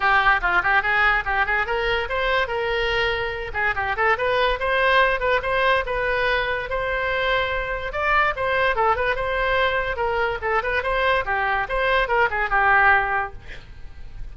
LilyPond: \new Staff \with { instrumentName = "oboe" } { \time 4/4 \tempo 4 = 144 g'4 f'8 g'8 gis'4 g'8 gis'8 | ais'4 c''4 ais'2~ | ais'8 gis'8 g'8 a'8 b'4 c''4~ | c''8 b'8 c''4 b'2 |
c''2. d''4 | c''4 a'8 b'8 c''2 | ais'4 a'8 b'8 c''4 g'4 | c''4 ais'8 gis'8 g'2 | }